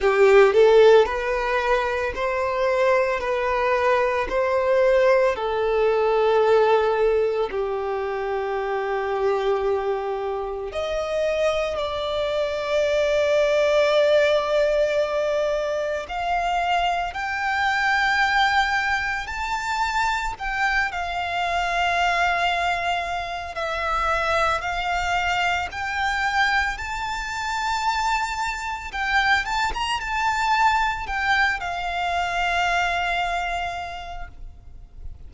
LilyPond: \new Staff \with { instrumentName = "violin" } { \time 4/4 \tempo 4 = 56 g'8 a'8 b'4 c''4 b'4 | c''4 a'2 g'4~ | g'2 dis''4 d''4~ | d''2. f''4 |
g''2 a''4 g''8 f''8~ | f''2 e''4 f''4 | g''4 a''2 g''8 a''16 ais''16 | a''4 g''8 f''2~ f''8 | }